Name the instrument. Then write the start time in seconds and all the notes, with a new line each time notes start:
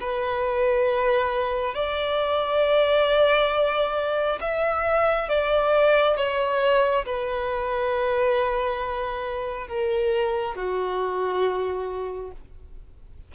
violin
0.00 B4
1.74 D5
4.41 E5
5.29 D5
6.16 C#5
7.05 B4
9.67 A#4
10.55 F#4